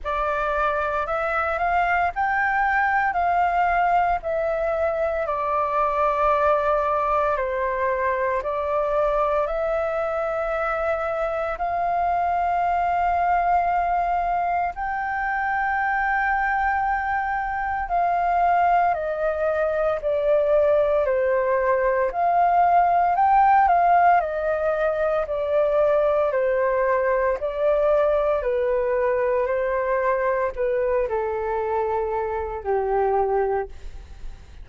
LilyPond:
\new Staff \with { instrumentName = "flute" } { \time 4/4 \tempo 4 = 57 d''4 e''8 f''8 g''4 f''4 | e''4 d''2 c''4 | d''4 e''2 f''4~ | f''2 g''2~ |
g''4 f''4 dis''4 d''4 | c''4 f''4 g''8 f''8 dis''4 | d''4 c''4 d''4 b'4 | c''4 b'8 a'4. g'4 | }